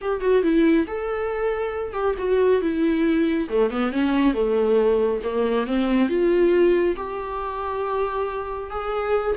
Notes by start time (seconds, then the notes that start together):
0.01 G4
0.21 F#4
0.42 E4
0.87 A4
1.93 G4
2.18 F#4
2.61 E4
3.49 A3
3.70 B3
3.92 C#4
4.34 A3
5.23 A#3
5.66 C4
6.08 F4
6.96 G4
8.70 G#4